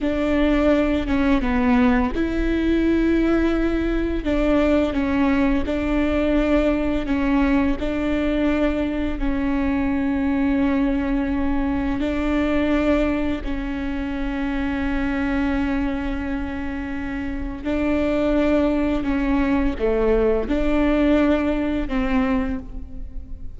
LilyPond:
\new Staff \with { instrumentName = "viola" } { \time 4/4 \tempo 4 = 85 d'4. cis'8 b4 e'4~ | e'2 d'4 cis'4 | d'2 cis'4 d'4~ | d'4 cis'2.~ |
cis'4 d'2 cis'4~ | cis'1~ | cis'4 d'2 cis'4 | a4 d'2 c'4 | }